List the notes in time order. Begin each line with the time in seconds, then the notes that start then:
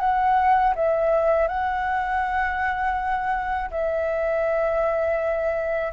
0.00 F#5
0.75 E5
1.48 F#5
3.71 E5